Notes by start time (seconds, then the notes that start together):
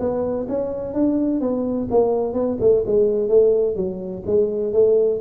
0.00 B3
0.49 C#4
0.94 D4
1.41 B3
1.91 A#3
2.34 B3
2.60 A3
2.87 G#3
3.29 A3
3.76 F#3
4.26 G#3
4.73 A3